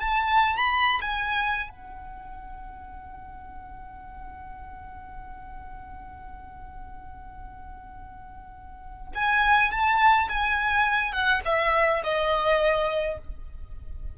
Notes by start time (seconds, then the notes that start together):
0.00 A5
0.57 B5
1.01 G#5
1.69 F#5
9.15 G#5
9.71 A5
10.29 G#5
11.12 F#5
11.45 E5
12.04 D#5